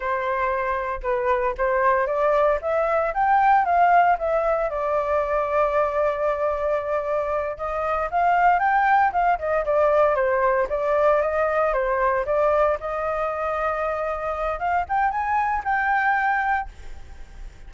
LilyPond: \new Staff \with { instrumentName = "flute" } { \time 4/4 \tempo 4 = 115 c''2 b'4 c''4 | d''4 e''4 g''4 f''4 | e''4 d''2.~ | d''2~ d''8 dis''4 f''8~ |
f''8 g''4 f''8 dis''8 d''4 c''8~ | c''8 d''4 dis''4 c''4 d''8~ | d''8 dis''2.~ dis''8 | f''8 g''8 gis''4 g''2 | }